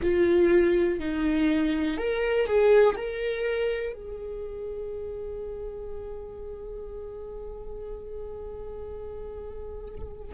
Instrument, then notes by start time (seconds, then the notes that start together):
viola
0.01 F4
0.99 D#4
1.97 A#4
2.46 G#4
2.96 A#4
3.93 G#4